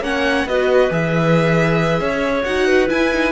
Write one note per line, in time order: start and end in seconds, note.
0.00 0.44 A#3
0.00 0.47 C#4
0.00 0.45 C#5
0.00 0.48 F#5
0.45 0.89 B3
0.45 0.91 F#4
0.45 2.01 B4
0.45 0.92 D#5
0.90 2.00 E3
0.90 2.45 G#4
0.90 2.43 E5
2.00 2.44 C#4
2.00 2.67 C#5
2.43 2.90 D#4
2.43 2.89 F#4
2.43 2.88 F#5
2.67 3.32 B4
2.89 3.11 E4
2.89 3.32 E4
2.89 3.32 G#5
3.13 3.32 D#4